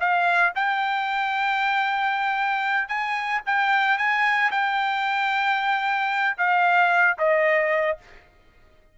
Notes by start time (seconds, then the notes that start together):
0.00 F5
0.55 G5
2.88 G#5
3.46 G5
3.98 G#5
4.51 G5
6.38 F5
7.19 D#5